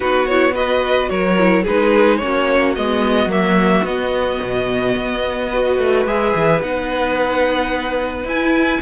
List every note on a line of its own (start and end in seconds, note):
0.00 1.10 B3
0.00 0.27 D#4
0.00 0.54 F#4
0.00 0.26 B4
0.26 0.53 E4
0.26 0.54 C#5
0.53 1.36 F#4
0.53 1.09 B4
0.53 1.09 D#5
1.09 1.65 F#3
1.09 1.63 A#4
1.09 1.64 C#5
1.38 1.65 E4
1.63 2.22 G#3
1.63 2.20 D#4
1.63 2.18 G#4
1.63 2.17 B4
2.17 2.77 A#3
2.17 2.75 C#4
2.17 5.49 F#4
2.17 2.72 C#5
2.75 3.26 G#3
2.75 3.29 B3
2.75 3.30 D#5
3.26 3.81 F#3
3.26 3.84 A#3
3.26 3.86 E5
3.83 4.38 B3
3.83 5.51 B3
3.83 6.06 D#5
4.42 4.95 B2
4.95 5.78 B3
5.49 6.07 F#4
5.49 8.79 B4
5.78 6.05 A3
6.05 6.33 G#3
6.05 6.60 G#4
6.05 6.61 E5
6.35 6.61 E3
6.60 8.24 B3
6.60 8.26 D#4
6.60 8.27 F#5
8.24 8.79 E4
8.24 8.81 E4
8.24 8.81 G#5